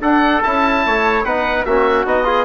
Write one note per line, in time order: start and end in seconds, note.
0.00 0.41 D4
0.00 0.42 D4
0.00 0.83 A4
0.00 0.43 F#5
0.43 0.86 C#4
0.43 1.25 E4
0.43 1.24 A5
0.86 1.24 A3
0.86 1.25 C#5
1.24 1.65 B3
1.24 1.67 D#4
1.24 1.66 B4
1.24 1.65 F#5
1.65 2.05 A#3
1.65 2.06 C#4
1.65 2.27 F#4
1.65 2.06 E5
2.05 2.45 B3
2.05 2.24 D#4
2.05 2.45 D#5
2.24 2.45 F4
2.24 2.45 G#4